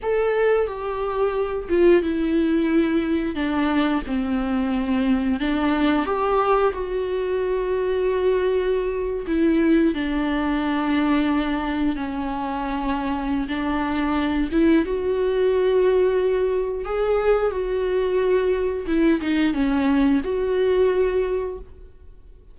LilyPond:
\new Staff \with { instrumentName = "viola" } { \time 4/4 \tempo 4 = 89 a'4 g'4. f'8 e'4~ | e'4 d'4 c'2 | d'4 g'4 fis'2~ | fis'4.~ fis'16 e'4 d'4~ d'16~ |
d'4.~ d'16 cis'2~ cis'16 | d'4. e'8 fis'2~ | fis'4 gis'4 fis'2 | e'8 dis'8 cis'4 fis'2 | }